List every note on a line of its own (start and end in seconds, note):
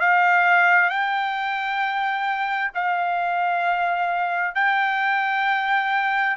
0.00 0.89 F5
0.89 2.71 G5
2.74 4.55 F5
4.55 6.36 G5